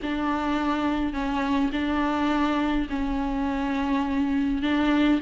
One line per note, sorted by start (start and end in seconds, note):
0.02 1.13 D4
1.13 1.70 C#4
1.72 2.87 D4
2.89 4.62 C#4
4.62 5.19 D4